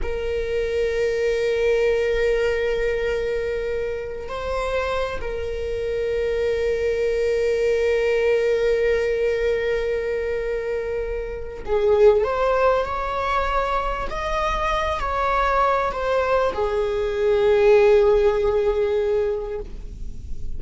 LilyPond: \new Staff \with { instrumentName = "viola" } { \time 4/4 \tempo 4 = 98 ais'1~ | ais'2. c''4~ | c''8 ais'2.~ ais'8~ | ais'1~ |
ais'2. gis'4 | c''4 cis''2 dis''4~ | dis''8 cis''4. c''4 gis'4~ | gis'1 | }